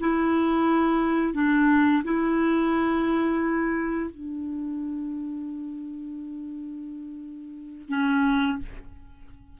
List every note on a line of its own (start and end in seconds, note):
0.00 1.34 E4
1.34 2.03 D4
2.03 4.10 E4
4.10 7.88 D4
7.88 8.57 C#4